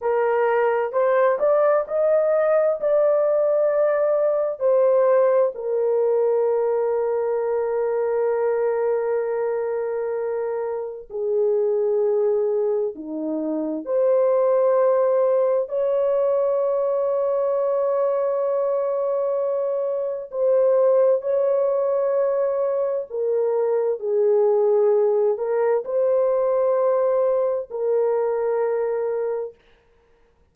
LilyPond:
\new Staff \with { instrumentName = "horn" } { \time 4/4 \tempo 4 = 65 ais'4 c''8 d''8 dis''4 d''4~ | d''4 c''4 ais'2~ | ais'1 | gis'2 dis'4 c''4~ |
c''4 cis''2.~ | cis''2 c''4 cis''4~ | cis''4 ais'4 gis'4. ais'8 | c''2 ais'2 | }